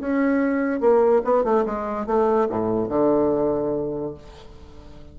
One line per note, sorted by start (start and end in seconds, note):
0.00 0.80 C#4
0.80 1.22 A#3
1.24 1.44 B3
1.44 1.65 A3
1.66 2.06 G#3
2.06 2.48 A3
2.49 2.89 A2
2.89 4.14 D3